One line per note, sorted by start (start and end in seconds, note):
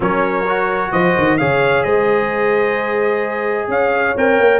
0.00 0.91 F#3
0.00 0.45 C#4
0.00 0.91 A#4
0.00 0.92 C#5
0.47 1.39 F#4
0.91 1.16 F3
0.91 1.37 C5
0.91 1.37 D#5
1.17 1.39 D#3
1.37 1.85 C#3
1.37 4.16 G#4
1.37 1.84 C#5
1.37 1.83 F5
1.83 3.67 G#3
1.83 3.69 C5
1.83 3.67 D#5
3.67 4.14 C#4
3.67 4.59 C#5
3.67 4.16 F5
4.16 4.38 C4
4.16 4.59 A#4
4.16 4.59 G5
4.38 4.59 A#3